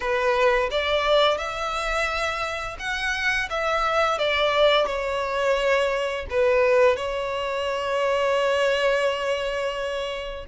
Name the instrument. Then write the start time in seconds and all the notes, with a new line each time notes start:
violin
0.00 B4
0.70 D5
1.37 E5
2.79 F#5
3.49 E5
4.18 D5
4.86 C#5
6.30 B4
6.96 C#5